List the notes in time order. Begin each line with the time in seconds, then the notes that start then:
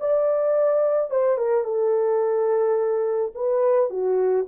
0.00 D5
1.10 C5
1.37 A#4
1.64 A4
3.35 B4
3.90 F#4